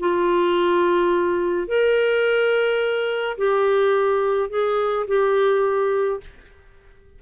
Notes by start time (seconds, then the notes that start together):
0.00 F4
1.68 A#4
3.38 G4
4.50 G#4
5.07 G4